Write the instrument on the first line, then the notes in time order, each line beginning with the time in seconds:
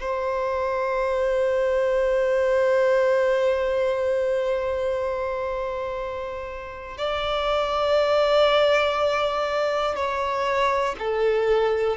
violin
0.00 C5
6.97 D5
9.96 C#5
10.99 A4